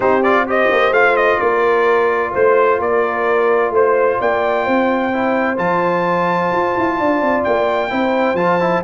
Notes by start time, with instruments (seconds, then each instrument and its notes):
0.00 tuba C4, trombone D#4, horn G4, trumpet C5
0.22 trombone F4, trumpet D5
0.47 trombone G4, horn C5, trumpet D#5
0.71 tuba A#3
0.91 tuba A3, trombone F4, trumpet F5
1.16 trumpet D#5
1.39 tuba A#3, horn A#4, trumpet D5
2.32 tuba A3, horn C5, trumpet C5
2.79 tuba A#3, horn A#4, trumpet D5
3.70 tuba A3, horn C5, trumpet C5
4.20 tuba A#3, horn D5, trumpet G5
4.64 tuba C4, horn C5
5.13 trombone E4
5.57 tuba F3, trombone F4, trumpet A5
6.51 tuba F4
6.77 tuba E4
6.99 tuba D4, horn D5
7.21 tuba C4
7.44 tuba A#3, trumpet G5
7.89 tuba C4, trombone E4, horn C5
8.34 tuba F3, trombone F4, trumpet A5
8.60 trombone E4